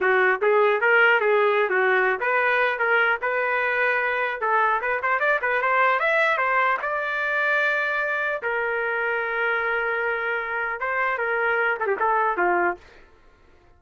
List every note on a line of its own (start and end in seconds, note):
0.01 0.41 F#4
0.41 0.81 G#4
0.81 1.20 A#4
1.20 1.69 G#4
1.69 2.19 F#4
2.19 2.78 B4
2.78 3.18 A#4
3.21 4.40 B4
4.40 4.80 A4
4.81 5.01 B4
5.02 5.19 C5
5.19 5.39 D5
5.41 5.61 B4
5.61 5.99 C5
5.99 6.37 E5
6.37 6.77 C5
6.81 8.41 D5
8.42 10.80 A#4
10.80 11.18 C5
11.18 11.78 A#4
11.79 11.87 A4
11.87 11.97 G4
11.99 12.37 A4
12.37 12.77 F4